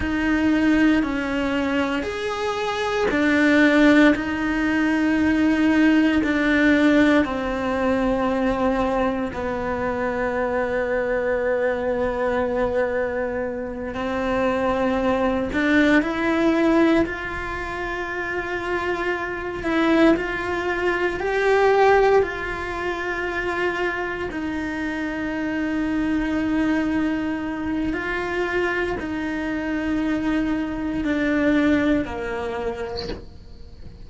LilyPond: \new Staff \with { instrumentName = "cello" } { \time 4/4 \tempo 4 = 58 dis'4 cis'4 gis'4 d'4 | dis'2 d'4 c'4~ | c'4 b2.~ | b4. c'4. d'8 e'8~ |
e'8 f'2~ f'8 e'8 f'8~ | f'8 g'4 f'2 dis'8~ | dis'2. f'4 | dis'2 d'4 ais4 | }